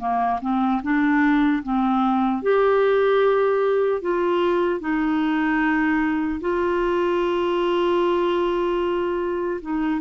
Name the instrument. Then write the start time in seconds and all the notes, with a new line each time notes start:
clarinet
0.00 A#3
0.42 C4
0.83 D4
1.63 C4
2.43 G4
4.02 F4
4.80 D#4
6.41 F4
9.62 D#4